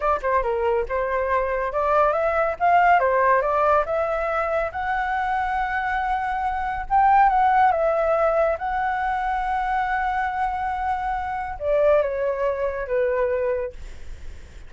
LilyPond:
\new Staff \with { instrumentName = "flute" } { \time 4/4 \tempo 4 = 140 d''8 c''8 ais'4 c''2 | d''4 e''4 f''4 c''4 | d''4 e''2 fis''4~ | fis''1 |
g''4 fis''4 e''2 | fis''1~ | fis''2. d''4 | cis''2 b'2 | }